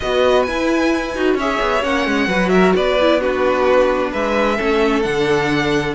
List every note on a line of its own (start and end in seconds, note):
0.00 0.47 B3
0.00 0.47 F#4
0.00 1.36 B4
0.00 0.42 D#5
0.42 1.15 E4
0.42 1.16 E4
0.42 1.34 G#5
1.15 1.34 D#4
1.15 1.38 F#4
1.34 1.57 C#4
1.34 1.82 G#4
1.34 2.27 C#5
1.34 1.84 E5
1.60 1.83 B3
1.82 2.06 A#3
1.82 2.28 C#4
1.82 2.49 F#5
2.06 2.27 G#3
2.27 2.73 F#3
2.27 2.98 F#4
2.27 2.50 B4
2.49 2.75 A#4
2.49 2.72 E5
2.75 4.13 B3
2.75 3.20 B4
2.75 3.21 D5
3.01 3.20 E4
3.20 4.57 D4
3.20 4.11 F#4
3.20 4.12 B4
4.11 4.59 G#3
4.11 4.56 B4
4.11 5.02 E5
4.56 5.04 A3
4.56 5.03 C#4
4.56 5.93 A4
5.02 5.95 D3
5.02 5.95 D4
5.02 5.93 F#5